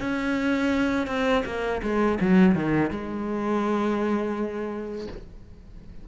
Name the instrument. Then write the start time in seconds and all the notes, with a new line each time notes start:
cello
0.00 C#4
1.07 C4
1.45 A#3
1.82 G#3
2.20 F#3
2.55 D#3
2.90 G#3